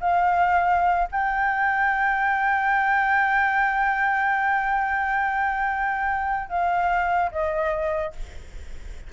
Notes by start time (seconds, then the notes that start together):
0.00 F5
1.12 G5
6.49 F5
7.31 D#5